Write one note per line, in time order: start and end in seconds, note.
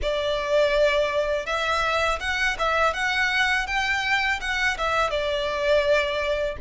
0.02 1.46 D5
1.46 2.19 E5
2.20 2.56 F#5
2.58 2.93 E5
2.93 3.66 F#5
3.66 4.39 G5
4.40 4.77 F#5
4.77 5.10 E5
5.10 6.57 D5